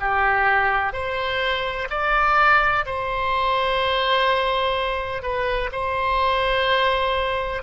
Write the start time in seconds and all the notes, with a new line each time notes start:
0.00 G4
0.93 C5
1.90 D5
2.86 C5
5.23 B4
5.72 C5